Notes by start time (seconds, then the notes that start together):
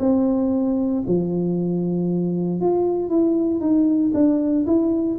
0.00 C4
1.07 F3
2.61 F4
3.10 E4
3.61 D#4
4.14 D4
4.67 E4